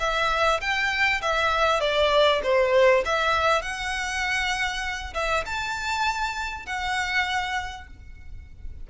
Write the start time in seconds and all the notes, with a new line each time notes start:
0.00 E5
0.61 G5
1.21 E5
1.80 D5
2.43 C5
3.05 E5
3.62 F#5
5.14 E5
5.46 A5
6.66 F#5